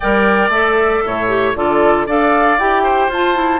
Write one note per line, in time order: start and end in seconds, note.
0.00 0.48 G3
0.00 0.52 A#4
0.00 1.04 D5
0.00 0.49 G5
0.48 1.00 A3
0.48 1.28 A4
0.48 1.55 E5
1.05 1.55 A2
1.05 1.57 C#5
1.28 1.54 G4
1.55 2.07 D3
1.55 2.07 F4
1.55 2.06 A4
1.55 2.07 D5
2.06 2.59 D4
2.06 2.59 A4
2.06 2.83 D5
2.06 2.58 F5
2.58 3.08 E4
2.58 3.11 G4
2.58 3.10 G5
2.83 3.59 C5
3.08 3.59 F4
3.08 3.34 F4
3.08 3.59 A5
3.34 3.59 E4